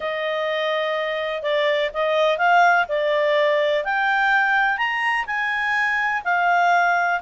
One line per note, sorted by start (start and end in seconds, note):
0.00 1.42 D#5
1.42 1.90 D5
1.93 2.38 D#5
2.38 2.86 F5
2.88 3.84 D5
3.84 4.77 G5
4.77 5.25 A#5
5.26 6.22 G#5
6.24 7.20 F5